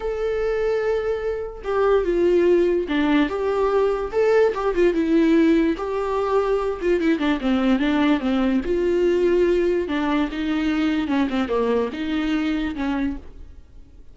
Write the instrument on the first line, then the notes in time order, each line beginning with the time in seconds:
viola
0.00 A4
1.64 G4
2.04 F4
2.88 D4
3.29 G4
4.12 A4
4.54 G4
4.74 F4
4.93 E4
5.77 G4
6.81 F4
7.00 E4
7.18 D4
7.41 C4
7.79 D4
8.19 C4
8.65 F4
9.88 D4
10.31 D#4
11.07 C#4
11.29 C4
11.48 A#3
11.92 D#4
12.75 C#4